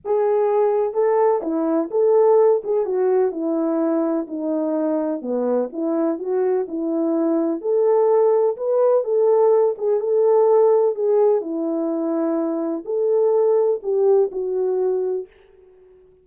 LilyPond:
\new Staff \with { instrumentName = "horn" } { \time 4/4 \tempo 4 = 126 gis'2 a'4 e'4 | a'4. gis'8 fis'4 e'4~ | e'4 dis'2 b4 | e'4 fis'4 e'2 |
a'2 b'4 a'4~ | a'8 gis'8 a'2 gis'4 | e'2. a'4~ | a'4 g'4 fis'2 | }